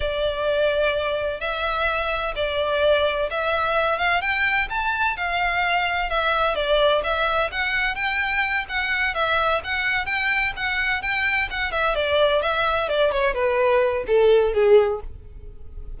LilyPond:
\new Staff \with { instrumentName = "violin" } { \time 4/4 \tempo 4 = 128 d''2. e''4~ | e''4 d''2 e''4~ | e''8 f''8 g''4 a''4 f''4~ | f''4 e''4 d''4 e''4 |
fis''4 g''4. fis''4 e''8~ | e''8 fis''4 g''4 fis''4 g''8~ | g''8 fis''8 e''8 d''4 e''4 d''8 | cis''8 b'4. a'4 gis'4 | }